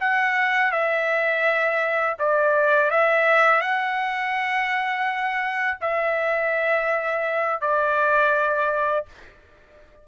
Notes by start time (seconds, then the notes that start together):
0.00 F#5
0.71 E5
2.19 D5
2.90 E5
3.61 F#5
5.81 E5
7.60 D5